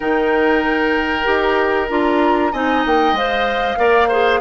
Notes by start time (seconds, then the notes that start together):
0.00 D#3 D#4 A#4 G5
1.24 D#4 G4
1.89 D4 F4 A#5
2.52 C4 D#4 D#5 G#5
2.85 A#3 G5
3.12 G#3 C5 F5
3.77 A#3 A#4 D5
4.08 G#4 C5